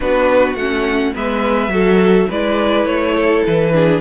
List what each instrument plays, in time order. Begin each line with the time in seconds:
0.00 cello B3, viola D4, violin F#4 B4
0.54 cello A3, viola C#4, violin F#5
1.14 cello G#3, viola B3, violin B4 E5
1.68 cello F#3, viola F#4, violin A4
2.29 cello G#3, viola E4, violin B4 D5
2.85 cello A3, violin C#5
3.15 violin A4
3.46 cello E3, violin B4
3.72 viola D4, violin G#4